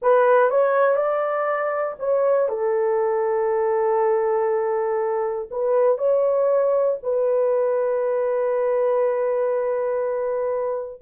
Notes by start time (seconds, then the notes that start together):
0.01 B4
0.50 C#5
0.96 D5
1.99 C#5
2.48 A4
5.50 B4
5.98 C#5
7.02 B4